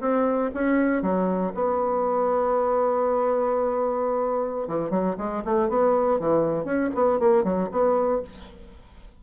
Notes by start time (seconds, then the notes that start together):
0.00 C4
0.54 C#4
1.02 F#3
1.54 B3
4.68 E3
4.90 F#3
5.17 G#3
5.44 A3
5.69 B3
6.19 E3
6.64 C#4
6.94 B3
7.19 A#3
7.43 F#3
7.71 B3